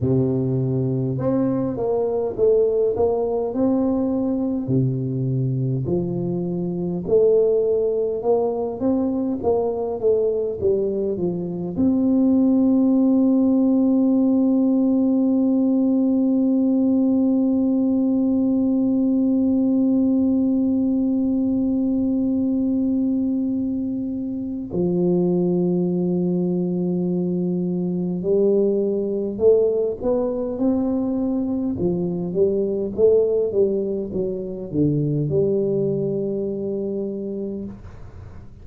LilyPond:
\new Staff \with { instrumentName = "tuba" } { \time 4/4 \tempo 4 = 51 c4 c'8 ais8 a8 ais8 c'4 | c4 f4 a4 ais8 c'8 | ais8 a8 g8 f8 c'2~ | c'1~ |
c'1~ | c'4 f2. | g4 a8 b8 c'4 f8 g8 | a8 g8 fis8 d8 g2 | }